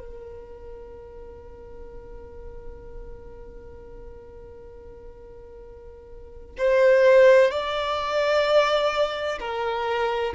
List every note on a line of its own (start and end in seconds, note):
0.00 6.56 A#4
6.58 7.51 C5
7.51 9.39 D5
9.40 10.34 A#4